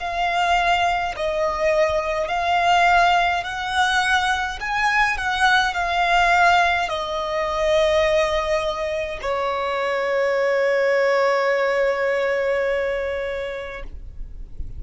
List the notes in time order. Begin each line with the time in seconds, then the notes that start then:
0.00 F5
1.17 D#5
2.29 F5
3.44 F#5
4.60 G#5
5.18 F#5
5.74 F5
6.89 D#5
9.22 C#5